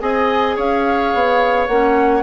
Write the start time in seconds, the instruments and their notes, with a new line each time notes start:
0.00 bassoon C4, clarinet G#4, oboe D#5, flute G#5
0.56 bassoon C#4, oboe C#5, flute F5
1.14 bassoon B3
1.67 bassoon A#3, clarinet C#4, flute F#5